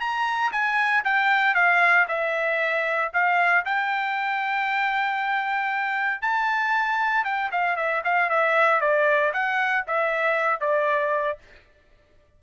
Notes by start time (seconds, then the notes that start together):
0.00 A#5
0.52 G#5
1.04 G5
1.54 F5
2.08 E5
3.13 F5
3.65 G5
6.22 A5
7.24 G5
7.51 F5
7.76 E5
8.04 F5
8.30 E5
8.81 D5
9.33 F#5
9.87 E5
10.60 D5